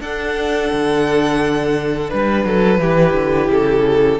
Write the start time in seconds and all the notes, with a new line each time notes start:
0.00 D4 A4 F#5
0.72 D3
2.09 G3 B4
2.44 F#3 A4
2.78 E3 E4 G4
3.13 D3
3.49 C#3 A4